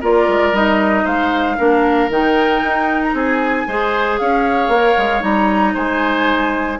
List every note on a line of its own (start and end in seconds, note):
0.00 0.27 A#3
0.00 0.53 F4
0.00 1.04 A#4
0.00 0.55 D5
0.27 0.52 G#3
0.52 1.04 G3
0.52 1.57 D#4
0.52 1.06 D#5
1.04 1.57 G#3
1.04 1.56 C5
1.04 2.10 F5
1.57 2.09 A#3
1.57 2.09 D4
1.57 3.14 A#4
2.09 2.61 D#3
2.09 3.68 D#4
2.09 3.03 G5
2.62 3.13 D#4
3.03 3.16 A#5
3.13 3.65 C4
3.13 3.67 G#4
3.13 4.18 G#5
3.67 4.19 G#3
3.67 4.72 G#4
3.67 4.19 C5
4.18 4.68 C#4
4.18 5.73 C#5
4.18 5.22 F5
4.68 4.94 A#3
4.68 5.20 A#4
4.97 5.22 G#3
5.20 5.74 G3
5.20 6.76 D#4
5.20 5.75 A#5
5.73 6.79 G#3
5.73 6.78 C5
5.73 6.80 G#5